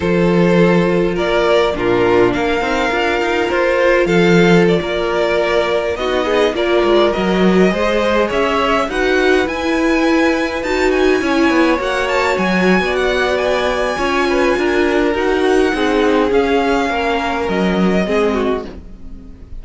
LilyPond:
<<
  \new Staff \with { instrumentName = "violin" } { \time 4/4 \tempo 4 = 103 c''2 d''4 ais'4 | f''2 c''4 f''4 | d''2~ d''16 dis''4 d''8.~ | d''16 dis''2 e''4 fis''8.~ |
fis''16 gis''2 a''8 gis''4~ gis''16~ | gis''16 fis''8 a''8 gis''4 fis''8. gis''4~ | gis''2 fis''2 | f''2 dis''2 | }
  \new Staff \with { instrumentName = "violin" } { \time 4/4 a'2 ais'4 f'4 | ais'2. a'4~ | a'16 ais'2 fis'8 gis'8 ais'8.~ | ais'4~ ais'16 c''4 cis''4 b'8.~ |
b'2.~ b'16 cis''8.~ | cis''2 d''2 | cis''8 b'8 ais'2 gis'4~ | gis'4 ais'2 gis'8 fis'8 | }
  \new Staff \with { instrumentName = "viola" } { \time 4/4 f'2. d'4~ | d'8 dis'8 f'2.~ | f'2~ f'16 dis'4 f'8.~ | f'16 fis'4 gis'2 fis'8.~ |
fis'16 e'2 fis'4 e'8.~ | e'16 fis'2.~ fis'8. | f'2 fis'4 dis'4 | cis'2. c'4 | }
  \new Staff \with { instrumentName = "cello" } { \time 4/4 f2 ais4 ais,4 | ais8 c'8 d'8 dis'8 f'4 f4~ | f16 ais2 b4 ais8 gis16~ | gis16 fis4 gis4 cis'4 dis'8.~ |
dis'16 e'2 dis'4 cis'8 b16~ | b16 ais4 fis8. b2 | cis'4 d'4 dis'4 c'4 | cis'4 ais4 fis4 gis4 | }
>>